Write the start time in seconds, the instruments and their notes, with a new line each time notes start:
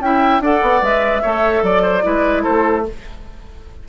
0.00 bassoon C#4, clarinet E4, oboe E5, flute G5
0.40 bassoon D4, clarinet A4, oboe D5, flute F#5
0.62 bassoon B3
0.82 bassoon G#3, clarinet B4, flute E5
1.22 bassoon A3, clarinet A4, oboe C#5
1.63 bassoon F#3, flute D5, oboe D5
1.83 oboe C5
2.02 bassoon G#3, clarinet E4, oboe B4
2.43 bassoon A3, oboe A4, flute C5